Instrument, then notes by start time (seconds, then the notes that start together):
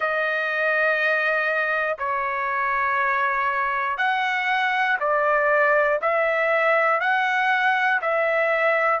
trumpet
0.00 D#5
1.98 C#5
3.97 F#5
5.00 D5
6.01 E5
7.00 F#5
8.01 E5